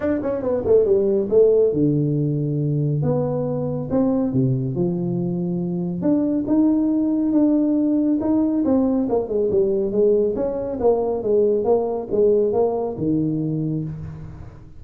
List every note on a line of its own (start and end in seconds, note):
0.00 0.20 D4
0.22 0.42 C#4
0.42 0.63 B3
0.65 0.85 A3
0.85 1.28 G3
1.29 1.72 A3
1.72 3.02 D3
3.02 3.88 B3
3.90 4.33 C4
4.33 4.75 C3
4.75 6.01 F3
6.01 6.44 D4
6.47 7.32 D#4
7.32 8.18 D4
8.20 8.64 D#4
8.64 9.08 C4
9.09 9.28 A#3
9.28 9.50 G#3
9.50 9.91 G3
9.91 10.34 G#3
10.35 10.78 C#4
10.80 11.22 A#3
11.22 11.64 G#3
11.64 12.07 A#3
12.11 12.53 G#3
12.53 12.96 A#3
12.97 13.83 D#3